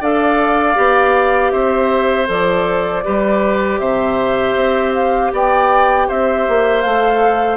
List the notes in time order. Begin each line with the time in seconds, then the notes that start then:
0.00 D4 A4 D5 F5
0.75 B3 G4
1.51 C4 C5 E5
2.25 F3 A4 D5
3.03 G3 G4 B4
3.79 C3 C5 E5
4.55 C4
4.93 F5
5.32 B3 D5 G5
6.07 C4 C5 E5
6.48 A#3
6.81 A3 A4 F5